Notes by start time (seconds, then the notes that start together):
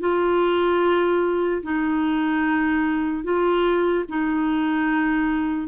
0.00 F4
1.63 D#4
3.24 F4
4.09 D#4